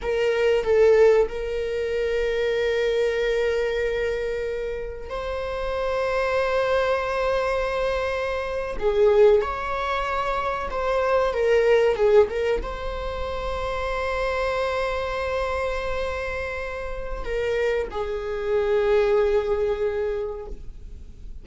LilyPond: \new Staff \with { instrumentName = "viola" } { \time 4/4 \tempo 4 = 94 ais'4 a'4 ais'2~ | ais'1 | c''1~ | c''4.~ c''16 gis'4 cis''4~ cis''16~ |
cis''8. c''4 ais'4 gis'8 ais'8 c''16~ | c''1~ | c''2. ais'4 | gis'1 | }